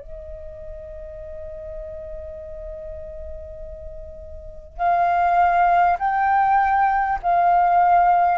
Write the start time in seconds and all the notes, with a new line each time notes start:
0.00 D#5
4.77 F5
5.99 G5
7.22 F5